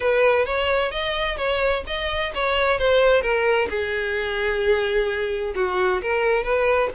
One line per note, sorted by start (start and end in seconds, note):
0.00 0.45 B4
0.45 0.91 C#5
0.91 1.37 D#5
1.37 1.83 C#5
1.86 2.32 D#5
2.34 2.79 C#5
2.79 3.21 C5
3.21 3.67 A#4
3.69 5.54 G#4
5.55 6.01 F#4
6.01 6.43 A#4
6.43 6.89 B4